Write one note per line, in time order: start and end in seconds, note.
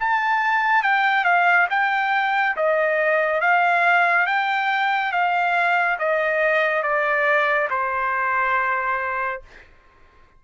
0.00 0.83 A5
0.83 1.25 G5
1.25 1.68 F5
1.70 2.56 G5
2.56 3.41 D#5
3.41 4.26 F5
4.26 5.12 G5
5.12 5.98 F5
5.99 6.83 D#5
6.83 7.68 D5
7.70 9.42 C5